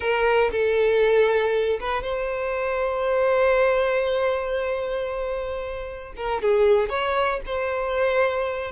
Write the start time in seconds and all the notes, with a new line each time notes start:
0.00 A#4
0.51 A4
1.79 B4
2.03 C5
6.16 A#4
6.41 G#4
6.89 C#5
7.45 C5